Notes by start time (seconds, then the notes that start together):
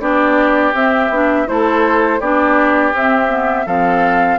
0.00 B3 D4 G4 D5
0.73 C4 E5
1.09 B3 D4
1.46 A3 E4 A4 C5
2.20 B3 D4 G4 D5
2.93 C4 E5
3.29 B3
3.66 F3 C4 A4 F5